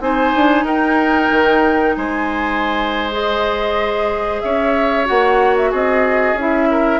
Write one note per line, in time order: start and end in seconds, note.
0.00 0.33 C4
0.00 3.10 D#4
0.00 0.65 C5
0.00 0.66 G#5
0.35 0.64 D4
0.64 1.29 D#4
0.64 1.95 A#4
0.64 1.96 G5
1.30 1.96 D#3
1.96 4.41 G#3
1.96 4.42 C5
1.96 3.10 G#5
3.11 5.05 G#4
3.11 4.40 D#5
4.40 5.09 C#4
4.40 5.70 C#5
4.40 5.05 E5
5.05 5.72 A#3
5.05 6.35 F#4
5.05 5.56 F#5
5.56 5.73 E5
5.70 6.33 C4
5.70 6.68 G#4
5.70 6.39 D#5
6.33 6.98 C#4
6.33 7.00 E4
6.40 7.00 E5
6.71 7.00 A#4